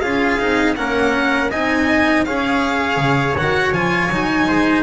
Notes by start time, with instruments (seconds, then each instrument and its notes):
0.00 double bass C#4, cello F4, trumpet G#4, violin F5
0.39 double bass C4, cello D#4
0.76 double bass A#3, cello C#4, trumpet A#4, violin F#5
1.50 double bass C4, cello D#4, trumpet D#5, violin G#5
2.25 double bass C#4, cello G#4, trumpet C#5, violin F5
2.97 double bass C#3
3.37 double bass D#3, cello F#4, violin F#5
3.71 double bass F3, cello F4, violin G#5
4.09 double bass F#3, cello D#4
4.47 double bass G#3, trumpet C5